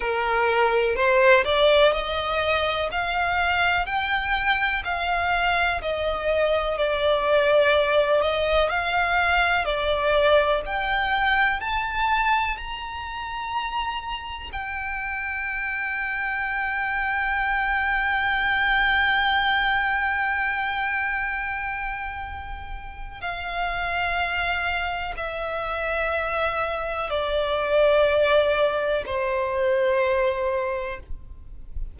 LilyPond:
\new Staff \with { instrumentName = "violin" } { \time 4/4 \tempo 4 = 62 ais'4 c''8 d''8 dis''4 f''4 | g''4 f''4 dis''4 d''4~ | d''8 dis''8 f''4 d''4 g''4 | a''4 ais''2 g''4~ |
g''1~ | g''1 | f''2 e''2 | d''2 c''2 | }